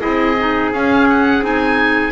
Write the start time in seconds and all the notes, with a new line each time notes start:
0.00 C4 E4 G#4 D#5
0.39 D#4
0.73 C#4 F5
1.09 F#5
1.41 C4 D#4 G#5